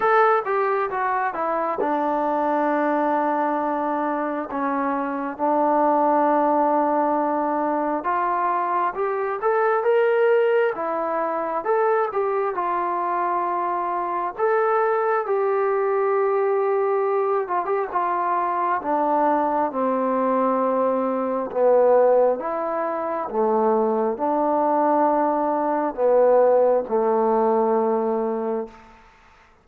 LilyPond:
\new Staff \with { instrumentName = "trombone" } { \time 4/4 \tempo 4 = 67 a'8 g'8 fis'8 e'8 d'2~ | d'4 cis'4 d'2~ | d'4 f'4 g'8 a'8 ais'4 | e'4 a'8 g'8 f'2 |
a'4 g'2~ g'8 f'16 g'16 | f'4 d'4 c'2 | b4 e'4 a4 d'4~ | d'4 b4 a2 | }